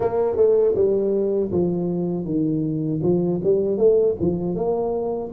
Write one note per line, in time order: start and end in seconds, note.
0.00 0.36 A#3
0.36 0.74 A3
0.75 1.51 G3
1.51 2.24 F3
2.24 3.00 D#3
3.02 3.40 F3
3.43 3.77 G3
3.77 4.15 A3
4.19 4.55 F3
4.55 5.31 A#3